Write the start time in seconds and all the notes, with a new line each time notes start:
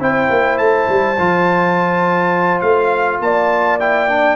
0.00 C4 E4 C5 G5
0.30 A#3
0.58 A3 A5
0.89 G3
1.18 F3 F4
2.61 A3 F5
3.20 A#3 D5 A5
3.80 E4 G5
4.09 D4